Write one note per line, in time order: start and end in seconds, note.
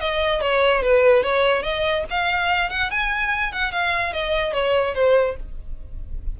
0.00 0.41 D#5
0.41 0.82 C#5
0.82 1.23 B4
1.23 1.63 C#5
1.63 2.04 D#5
2.10 2.70 F5
2.70 2.90 F#5
2.90 3.52 G#5
3.52 3.71 F#5
3.71 4.13 F5
4.13 4.53 D#5
4.53 4.94 C#5
4.94 5.36 C5